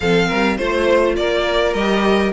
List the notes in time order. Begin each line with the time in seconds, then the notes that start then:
0.00 F3 C4 A4 F5
0.27 G3 A#4
0.57 A3 F4 C5
1.16 A#3 A#4 D5
1.73 G3 G4 D#5